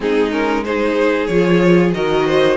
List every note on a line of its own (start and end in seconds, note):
0.00 1.28 G#3
0.00 0.30 C4
0.00 0.65 D#4
0.00 0.31 G#4
0.31 0.63 C#4
0.31 0.63 A#4
0.64 1.30 D#4
0.64 1.95 G#4
0.64 1.26 C5
1.26 1.93 F3
1.26 1.94 F4
1.26 1.91 C#5
1.93 2.56 D#3
1.93 2.56 F#4
1.93 2.26 A#4
1.93 2.56 D#5
2.26 2.56 C5